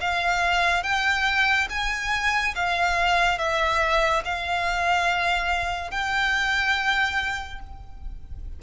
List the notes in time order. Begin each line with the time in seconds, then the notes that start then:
0.00 F5
0.83 G5
1.70 G#5
2.55 F5
3.38 E5
4.25 F5
5.91 G5